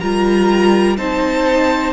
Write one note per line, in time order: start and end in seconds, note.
0.00 0.98 G3
0.00 0.98 F4
0.00 0.97 A#4
0.00 0.97 A#5
0.98 1.94 C4
0.98 1.94 D#4
0.98 1.94 C5
0.98 1.94 A5